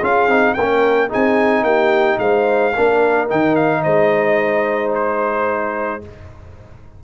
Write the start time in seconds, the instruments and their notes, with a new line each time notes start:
0.00 tuba C#4, trombone F4, horn G#4, trumpet F5
0.28 tuba C4, trombone D#4
0.54 tuba A#3, horn A#4, trumpet G5
0.61 trombone C#4
1.08 trombone D#4, horn G#4, trumpet G#5
1.15 tuba C4
1.63 tuba A#3, horn G4, trumpet G5
2.18 tuba G#3, horn C5, trumpet F5
2.74 tuba A#3, trombone D4, horn A#4
3.29 tuba D#3, trombone D#4, trumpet G5
3.56 trumpet F5
3.82 tuba G#3, horn C5, trumpet D#5
4.94 trumpet C5